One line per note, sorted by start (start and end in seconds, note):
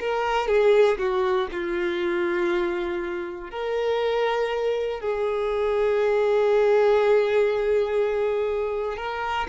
0.00 0.48 A#4
0.48 0.98 G#4
0.99 1.49 F#4
1.52 3.51 F4
3.51 5.00 A#4
5.00 8.97 G#4
8.97 9.47 A#4